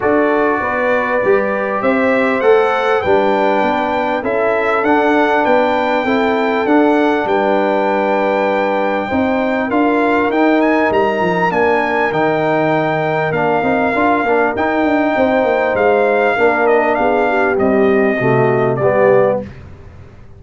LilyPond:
<<
  \new Staff \with { instrumentName = "trumpet" } { \time 4/4 \tempo 4 = 99 d''2. e''4 | fis''4 g''2 e''4 | fis''4 g''2 fis''4 | g''1 |
f''4 g''8 gis''8 ais''4 gis''4 | g''2 f''2 | g''2 f''4. dis''8 | f''4 dis''2 d''4 | }
  \new Staff \with { instrumentName = "horn" } { \time 4/4 a'4 b'2 c''4~ | c''4 b'2 a'4~ | a'4 b'4 a'2 | b'2. c''4 |
ais'1~ | ais'1~ | ais'4 c''2 ais'4 | gis'8 g'4. fis'4 g'4 | }
  \new Staff \with { instrumentName = "trombone" } { \time 4/4 fis'2 g'2 | a'4 d'2 e'4 | d'2 e'4 d'4~ | d'2. dis'4 |
f'4 dis'2 d'4 | dis'2 d'8 dis'8 f'8 d'8 | dis'2. d'4~ | d'4 g4 a4 b4 | }
  \new Staff \with { instrumentName = "tuba" } { \time 4/4 d'4 b4 g4 c'4 | a4 g4 b4 cis'4 | d'4 b4 c'4 d'4 | g2. c'4 |
d'4 dis'4 g8 f8 ais4 | dis2 ais8 c'8 d'8 ais8 | dis'8 d'8 c'8 ais8 gis4 ais4 | b4 c'4 c4 g4 | }
>>